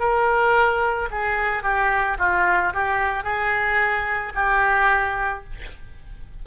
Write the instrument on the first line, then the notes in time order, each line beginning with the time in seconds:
oboe
0.00 A#4
1.11 G#4
1.63 G4
2.19 F4
2.74 G4
3.24 G#4
4.35 G4